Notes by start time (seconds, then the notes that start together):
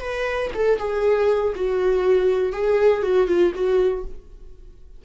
0.00 B4
0.54 A4
0.78 G#4
1.55 F#4
2.52 G#4
3.02 F#4
3.27 F4
3.54 F#4